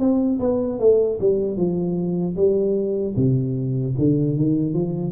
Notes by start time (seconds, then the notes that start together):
0.00 C4
0.40 B3
0.80 A3
1.20 G3
1.57 F3
2.36 G3
3.17 C3
3.98 D3
4.37 D#3
4.74 F3